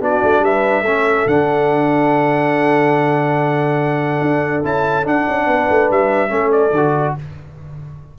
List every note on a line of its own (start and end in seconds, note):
0.00 0.21 B3
0.00 0.84 D4
0.00 0.44 F#4
0.00 0.44 D5
0.22 0.40 A3
0.40 0.81 G3
0.40 0.84 B4
0.40 1.27 E5
0.81 1.23 A3
0.81 1.28 C#4
0.81 5.45 A4
1.25 4.19 D3
1.25 4.63 D4
1.25 4.63 F#5
4.21 4.63 D4
4.63 5.06 C#4
4.63 5.03 E4
4.63 5.06 A5
5.03 6.28 D4
5.03 5.27 D4
5.03 5.91 F#5
5.28 5.47 C#4
5.46 5.68 B3
5.46 6.30 B4
5.69 5.90 A3
5.90 6.31 G3
5.90 6.51 E5
6.28 6.71 A3
6.28 6.70 C#4
6.28 7.14 A4
6.51 7.14 D5
6.71 7.13 D3
6.71 7.18 F#4